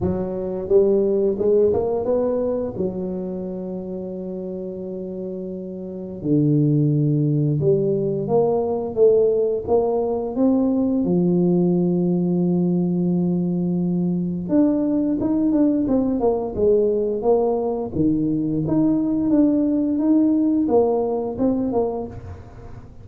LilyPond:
\new Staff \with { instrumentName = "tuba" } { \time 4/4 \tempo 4 = 87 fis4 g4 gis8 ais8 b4 | fis1~ | fis4 d2 g4 | ais4 a4 ais4 c'4 |
f1~ | f4 d'4 dis'8 d'8 c'8 ais8 | gis4 ais4 dis4 dis'4 | d'4 dis'4 ais4 c'8 ais8 | }